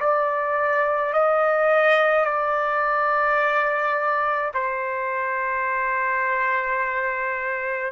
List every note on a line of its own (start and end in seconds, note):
0.00 1.13 D5
1.13 2.25 D#5
2.25 4.52 D5
4.54 7.92 C5